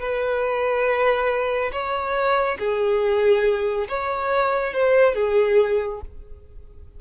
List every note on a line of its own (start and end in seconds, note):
0.00 1.71 B4
1.72 2.58 C#5
2.59 3.88 G#4
3.89 4.74 C#5
4.74 5.15 C5
5.15 6.00 G#4